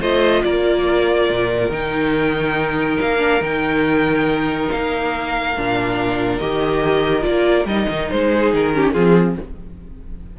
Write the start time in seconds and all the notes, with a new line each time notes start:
0.00 A3 F4 C5 D#5
0.43 A#3 A#4 D5
1.29 A#2
1.69 D#3 D#4 G5
3.01 A#3 F5
3.18 D4
3.41 D#3 D#4 G5
4.71 A#3 F5
5.57 A#2 D4
6.38 D#3 G4 D#5
7.22 A#3 F4 D5
7.65 G3 D#4 D#5
7.89 D#3
8.10 G#3 C5
8.34 G#4
8.53 D#3 A#4
8.74 C#4 G4
8.93 F3 C4 F4 G#4